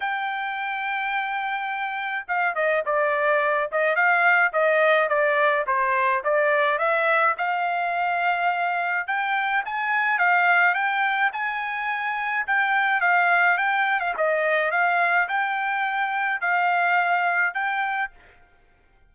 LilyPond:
\new Staff \with { instrumentName = "trumpet" } { \time 4/4 \tempo 4 = 106 g''1 | f''8 dis''8 d''4. dis''8 f''4 | dis''4 d''4 c''4 d''4 | e''4 f''2. |
g''4 gis''4 f''4 g''4 | gis''2 g''4 f''4 | g''8. f''16 dis''4 f''4 g''4~ | g''4 f''2 g''4 | }